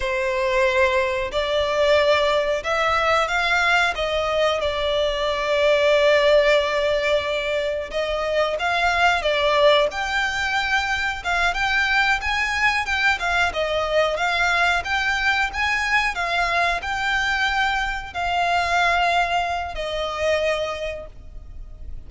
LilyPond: \new Staff \with { instrumentName = "violin" } { \time 4/4 \tempo 4 = 91 c''2 d''2 | e''4 f''4 dis''4 d''4~ | d''1 | dis''4 f''4 d''4 g''4~ |
g''4 f''8 g''4 gis''4 g''8 | f''8 dis''4 f''4 g''4 gis''8~ | gis''8 f''4 g''2 f''8~ | f''2 dis''2 | }